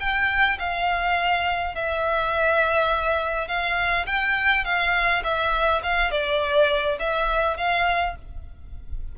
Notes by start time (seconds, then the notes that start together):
0.00 G5
0.59 F5
1.75 E5
3.48 F5
4.06 G5
4.64 F5
5.24 E5
5.83 F5
6.11 D5
6.99 E5
7.57 F5